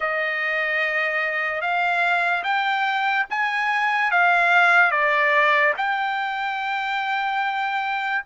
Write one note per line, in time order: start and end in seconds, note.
0.00 1.61 D#5
1.61 2.43 F5
2.43 3.25 G5
3.30 4.11 G#5
4.11 4.91 F5
4.91 5.73 D5
5.77 8.23 G5